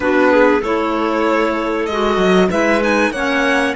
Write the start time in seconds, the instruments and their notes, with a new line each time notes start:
0.00 cello B3, clarinet D4 F#4, violin B4
0.31 clarinet G#4
0.60 cello A3, clarinet E4 A4, violin C#5
1.86 cello G#3, clarinet F#4, violin D#5
2.17 cello F#3
2.50 cello G#3, clarinet E4 B4, violin E5
2.80 clarinet D#4, violin G#5
3.11 cello A#3, clarinet C#4 C#5, violin F#5